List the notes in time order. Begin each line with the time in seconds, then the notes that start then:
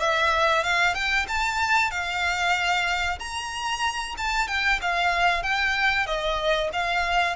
0.00 E5
0.64 F5
0.94 G5
1.28 A5
1.91 F5
3.19 A#5
4.17 A5
4.47 G5
4.81 F5
5.43 G5
6.06 D#5
6.73 F5